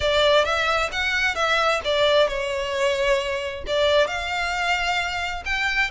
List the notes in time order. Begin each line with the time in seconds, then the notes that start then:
0.00 D5
0.44 E5
0.92 F#5
1.35 E5
1.84 D5
2.27 C#5
3.67 D5
4.07 F5
5.45 G5